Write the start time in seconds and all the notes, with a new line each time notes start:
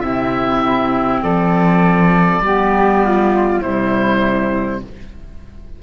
0.00 C3 C4 E4 E5
1.23 F3 A4 D5
2.40 G3 B3 G4
3.06 F4
3.62 C3 G3 E4 C5